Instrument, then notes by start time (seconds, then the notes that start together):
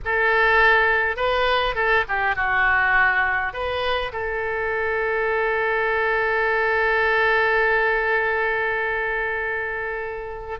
oboe
0.05 A4
1.16 B4
1.75 A4
2.08 G4
2.35 F#4
3.53 B4
4.12 A4